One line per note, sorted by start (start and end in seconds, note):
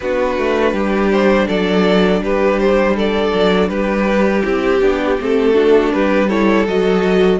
0.00 0.38 B3
0.00 4.41 D4
0.00 0.73 F#4
0.00 1.10 B4
0.38 0.73 A3
0.73 1.47 G3
0.73 1.47 G4
1.11 1.48 C5
1.47 2.21 F#3
1.47 2.21 A4
1.47 2.22 D5
2.21 3.32 G3
2.21 2.96 G4
2.21 2.59 B4
2.59 2.96 C5
2.96 3.70 A4
2.96 3.68 D5
3.34 3.68 F#3
3.68 4.42 G3
3.68 5.54 G4
3.68 4.42 B4
4.41 4.81 C4
4.41 4.78 E4
4.41 5.18 G4
4.81 5.18 B3
4.81 5.18 D4
5.20 5.93 A3
5.20 5.53 C4
5.20 5.92 A4
5.53 6.27 D4
5.53 5.91 F#4
5.92 6.66 G3
5.92 6.28 G4
5.92 6.29 B4
6.28 6.67 E4
6.28 7.39 A4
6.28 6.66 C#5
6.66 7.40 F#3
6.66 7.40 F#4
6.66 7.40 D#5